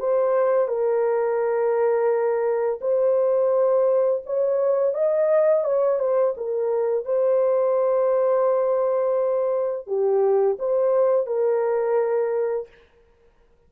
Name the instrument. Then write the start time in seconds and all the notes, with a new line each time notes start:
horn
0.00 C5
0.68 A#4
2.81 C5
4.26 C#5
4.94 D#5
5.65 C#5
6.00 C5
6.37 A#4
7.06 C5
9.87 G4
10.59 C5
11.27 A#4